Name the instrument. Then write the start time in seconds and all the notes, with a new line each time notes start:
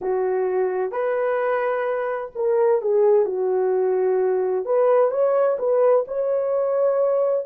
horn
0.01 F#4
0.91 B4
2.35 A#4
2.81 G#4
3.25 F#4
4.65 B4
5.10 C#5
5.58 B4
6.07 C#5